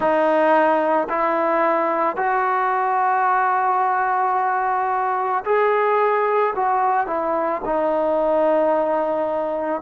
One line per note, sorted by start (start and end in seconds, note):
0.00 1.08 D#4
1.09 2.16 E4
2.16 5.43 F#4
5.44 6.54 G#4
6.55 7.07 F#4
7.07 7.61 E4
7.64 9.81 D#4